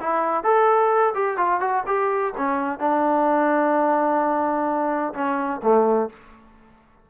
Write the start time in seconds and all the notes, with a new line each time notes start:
0.00 E4
0.44 A4
1.15 G4
1.37 F4
1.61 F#4
1.87 G4
2.37 C#4
2.80 D4
5.14 C#4
5.63 A3